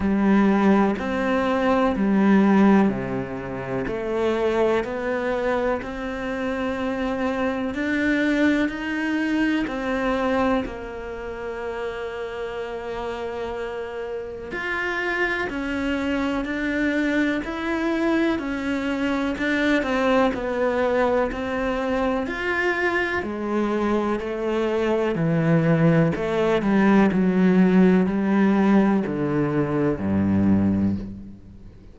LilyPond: \new Staff \with { instrumentName = "cello" } { \time 4/4 \tempo 4 = 62 g4 c'4 g4 c4 | a4 b4 c'2 | d'4 dis'4 c'4 ais4~ | ais2. f'4 |
cis'4 d'4 e'4 cis'4 | d'8 c'8 b4 c'4 f'4 | gis4 a4 e4 a8 g8 | fis4 g4 d4 g,4 | }